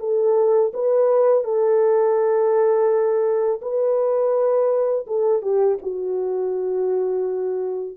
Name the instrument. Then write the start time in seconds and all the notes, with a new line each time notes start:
horn
0.00 A4
0.74 B4
1.44 A4
3.62 B4
5.07 A4
5.42 G4
5.82 F#4